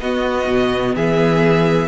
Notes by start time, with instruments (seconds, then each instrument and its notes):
0.00 cello B3, viola B3, violin F#4 D#5
0.48 cello B2
0.95 cello E3, violin G#4 E5